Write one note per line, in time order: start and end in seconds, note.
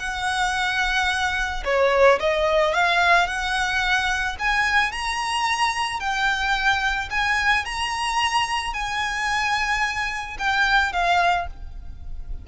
0.00 1.64 F#5
1.65 2.19 C#5
2.20 2.74 D#5
2.74 3.28 F5
3.28 4.37 F#5
4.39 4.92 G#5
4.92 6.00 A#5
6.00 7.09 G5
7.11 7.65 G#5
7.65 8.74 A#5
8.74 10.37 G#5
10.39 10.93 G5
10.93 11.47 F5